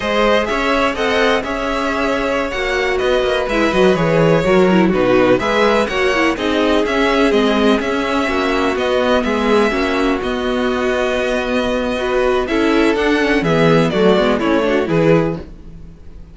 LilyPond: <<
  \new Staff \with { instrumentName = "violin" } { \time 4/4 \tempo 4 = 125 dis''4 e''4 fis''4 e''4~ | e''4~ e''16 fis''4 dis''4 e''8 dis''16~ | dis''16 cis''2 b'4 e''8.~ | e''16 fis''4 dis''4 e''4 dis''8.~ |
dis''16 e''2 dis''4 e''8.~ | e''4~ e''16 dis''2~ dis''8.~ | dis''2 e''4 fis''4 | e''4 d''4 cis''4 b'4 | }
  \new Staff \with { instrumentName = "violin" } { \time 4/4 c''4 cis''4 dis''4 cis''4~ | cis''2~ cis''16 b'4.~ b'16~ | b'4~ b'16 ais'4 fis'4 b'8.~ | b'16 cis''4 gis'2~ gis'8.~ |
gis'4~ gis'16 fis'2 gis'8.~ | gis'16 fis'2.~ fis'8.~ | fis'4 b'4 a'2 | gis'4 fis'4 e'8 fis'8 gis'4 | }
  \new Staff \with { instrumentName = "viola" } { \time 4/4 gis'2 a'4 gis'4~ | gis'4~ gis'16 fis'2 e'8 fis'16~ | fis'16 gis'4 fis'8 e'8 dis'4 gis'8.~ | gis'16 fis'8 e'8 dis'4 cis'4 c'8.~ |
c'16 cis'2 b4.~ b16~ | b16 cis'4 b2~ b8.~ | b4 fis'4 e'4 d'8 cis'8 | b4 a8 b8 cis'8 d'8 e'4 | }
  \new Staff \with { instrumentName = "cello" } { \time 4/4 gis4 cis'4 c'4 cis'4~ | cis'4~ cis'16 ais4 b8 ais8 gis8 fis16~ | fis16 e4 fis4 b,4 gis8.~ | gis16 ais4 c'4 cis'4 gis8.~ |
gis16 cis'4 ais4 b4 gis8.~ | gis16 ais4 b2~ b8.~ | b2 cis'4 d'4 | e4 fis8 gis8 a4 e4 | }
>>